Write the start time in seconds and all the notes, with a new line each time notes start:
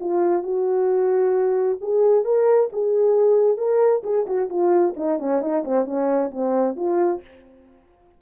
0.00 F4
0.43 F#4
1.81 G#4
2.25 A#4
2.73 G#4
3.57 A#4
4.03 G#4
4.27 F#4
4.49 F4
4.96 D#4
5.19 C#4
5.41 D#4
5.64 C4
5.85 C#4
6.31 C4
6.76 F4